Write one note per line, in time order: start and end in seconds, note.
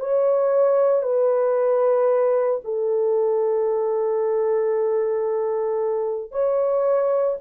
0.00 1.02 C#5
1.02 2.60 B4
2.64 6.31 A4
6.31 7.36 C#5